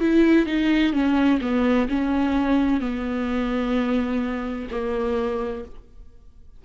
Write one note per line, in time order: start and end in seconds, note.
0.00 0.46 E4
0.46 0.93 D#4
0.93 1.40 C#4
1.41 1.88 B3
1.89 2.80 C#4
2.80 4.68 B3
4.71 5.65 A#3